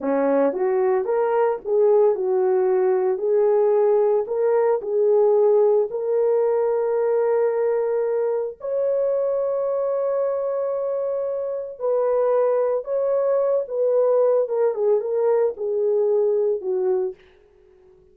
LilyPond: \new Staff \with { instrumentName = "horn" } { \time 4/4 \tempo 4 = 112 cis'4 fis'4 ais'4 gis'4 | fis'2 gis'2 | ais'4 gis'2 ais'4~ | ais'1 |
cis''1~ | cis''2 b'2 | cis''4. b'4. ais'8 gis'8 | ais'4 gis'2 fis'4 | }